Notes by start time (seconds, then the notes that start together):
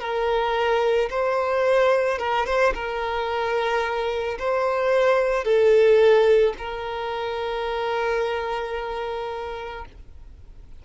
0.00 A#4
1.10 C5
2.19 A#4
2.46 C5
2.74 A#4
4.39 C5
5.44 A4
6.58 A#4